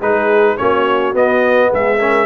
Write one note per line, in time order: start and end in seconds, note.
0.00 0.58 G#3
0.00 0.58 D#4
0.00 0.57 G#4
0.00 0.58 B4
0.58 1.15 A#3
0.58 1.15 C#4
0.58 1.70 F#4
0.58 1.14 C#5
1.15 1.99 B3
1.15 1.71 B3
1.15 1.73 D#5
1.70 2.26 G#3
1.70 1.98 G#4
1.70 2.26 E5
1.98 2.26 C#4
1.98 2.26 A#4